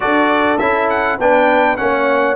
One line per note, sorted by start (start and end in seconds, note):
0.00 0.59 D4
0.00 0.58 F#4
0.00 1.19 A4
0.00 0.58 D5
0.58 1.18 C#4
0.58 1.19 E4
0.58 0.88 E5
0.89 1.19 F#5
1.18 1.77 B3
1.18 1.77 D4
1.18 1.78 B4
1.18 1.76 G5
1.76 2.35 A#3
1.76 2.35 C#4
1.76 2.35 C#5
1.76 2.35 F#5